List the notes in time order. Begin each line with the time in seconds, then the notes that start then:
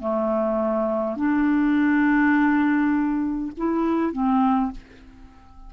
0.00 A3
1.17 D4
3.57 E4
4.12 C4